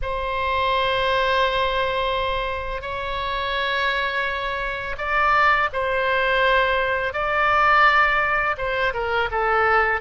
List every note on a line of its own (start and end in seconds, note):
0.02 2.81 C5
2.81 4.95 C#5
4.97 5.69 D5
5.72 7.13 C5
7.13 8.56 D5
8.57 8.93 C5
8.93 9.29 A#4
9.31 10.00 A4